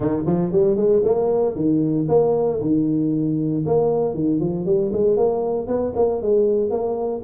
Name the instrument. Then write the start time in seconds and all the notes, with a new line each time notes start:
tuba
0.00 D#3
0.26 F3
0.51 G3
0.76 G#3
1.04 A#3
1.55 D#3
2.08 A#3
2.61 D#3
3.65 A#3
4.14 D#3
4.39 F3
4.65 G3
4.93 G#3
5.17 A#3
5.67 B3
5.95 A#3
6.21 G#3
6.70 A#3